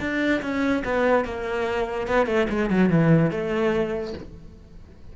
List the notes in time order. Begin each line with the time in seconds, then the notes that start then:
0.00 D4
0.42 C#4
0.84 B3
1.25 A#3
2.07 B3
2.26 A3
2.49 G#3
2.70 F#3
2.89 E3
3.30 A3